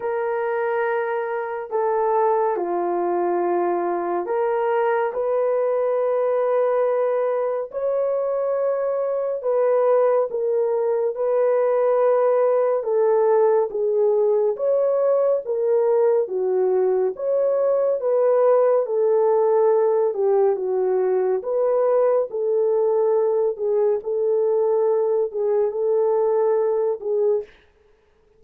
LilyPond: \new Staff \with { instrumentName = "horn" } { \time 4/4 \tempo 4 = 70 ais'2 a'4 f'4~ | f'4 ais'4 b'2~ | b'4 cis''2 b'4 | ais'4 b'2 a'4 |
gis'4 cis''4 ais'4 fis'4 | cis''4 b'4 a'4. g'8 | fis'4 b'4 a'4. gis'8 | a'4. gis'8 a'4. gis'8 | }